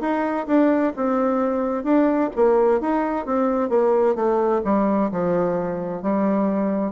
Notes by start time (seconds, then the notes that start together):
0.00 D#4
0.47 D4
0.96 C4
1.83 D4
2.35 A#3
2.80 D#4
3.25 C4
3.69 A#3
4.15 A3
4.64 G3
5.11 F3
6.02 G3